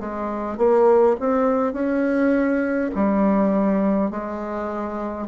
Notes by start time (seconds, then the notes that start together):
0.00 G#3
0.58 A#3
1.20 C4
1.73 C#4
2.95 G3
4.11 G#3